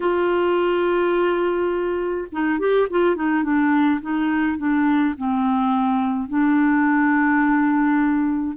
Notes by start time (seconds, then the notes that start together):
0.00 F4
2.31 D#4
2.59 G4
2.90 F4
3.15 D#4
3.43 D4
4.01 D#4
4.57 D4
5.17 C4
6.28 D4